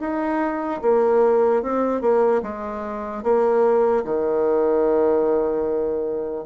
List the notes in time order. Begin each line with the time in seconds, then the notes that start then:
0.00 D#4
0.81 A#3
1.62 C4
2.01 A#3
2.42 G#3
3.23 A#3
4.04 D#3